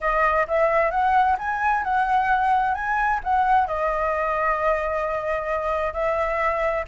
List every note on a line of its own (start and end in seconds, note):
0.00 0.46 D#5
0.47 0.90 E5
0.90 1.36 F#5
1.38 1.83 G#5
1.83 2.74 F#5
2.74 3.20 G#5
3.23 3.67 F#5
3.67 5.93 D#5
5.93 6.84 E5